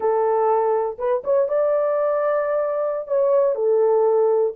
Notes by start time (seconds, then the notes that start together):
0.00 A4
0.98 B4
1.24 C#5
1.48 D5
3.07 C#5
3.55 A4